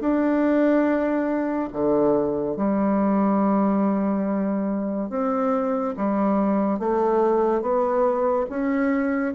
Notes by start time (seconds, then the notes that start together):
0.00 D4
1.72 D3
2.56 G3
5.09 C4
5.97 G3
6.79 A3
7.61 B3
8.49 C#4